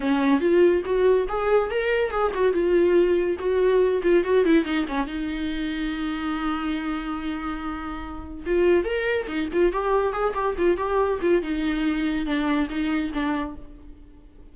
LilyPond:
\new Staff \with { instrumentName = "viola" } { \time 4/4 \tempo 4 = 142 cis'4 f'4 fis'4 gis'4 | ais'4 gis'8 fis'8 f'2 | fis'4. f'8 fis'8 e'8 dis'8 cis'8 | dis'1~ |
dis'1 | f'4 ais'4 dis'8 f'8 g'4 | gis'8 g'8 f'8 g'4 f'8 dis'4~ | dis'4 d'4 dis'4 d'4 | }